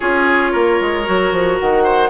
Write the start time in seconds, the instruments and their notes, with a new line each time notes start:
0.00 bassoon C#4, clarinet F4, oboe G#4, flute C#5
0.52 bassoon A#3, oboe A#4
0.80 bassoon G#3
1.04 bassoon F#3, clarinet F#4
1.31 bassoon F3
1.59 bassoon D#3, flute F#5
1.83 oboe C5